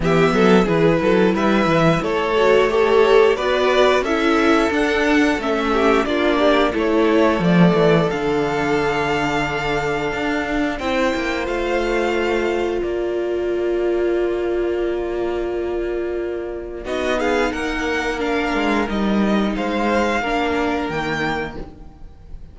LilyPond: <<
  \new Staff \with { instrumentName = "violin" } { \time 4/4 \tempo 4 = 89 e''4 b'4 e''4 cis''4 | a'4 d''4 e''4 fis''4 | e''4 d''4 cis''4 d''4 | f''1 |
g''4 f''2 d''4~ | d''1~ | d''4 dis''8 f''8 fis''4 f''4 | dis''4 f''2 g''4 | }
  \new Staff \with { instrumentName = "violin" } { \time 4/4 g'8 a'8 gis'8 a'8 b'4 a'4 | cis''4 b'4 a'2~ | a'8 g'8 f'8 g'8 a'2~ | a'1 |
c''2. ais'4~ | ais'1~ | ais'4 fis'8 gis'8 ais'2~ | ais'4 c''4 ais'2 | }
  \new Staff \with { instrumentName = "viola" } { \time 4/4 b4 e'2~ e'8 fis'8 | g'4 fis'4 e'4 d'4 | cis'4 d'4 e'4 a4 | d'1 |
e'4 f'2.~ | f'1~ | f'4 dis'2 d'4 | dis'2 d'4 ais4 | }
  \new Staff \with { instrumentName = "cello" } { \time 4/4 e8 fis8 e8 fis8 g8 e8 a4~ | a4 b4 cis'4 d'4 | a4 ais4 a4 f8 e8 | d2. d'4 |
c'8 ais8 a2 ais4~ | ais1~ | ais4 b4 ais4. gis8 | g4 gis4 ais4 dis4 | }
>>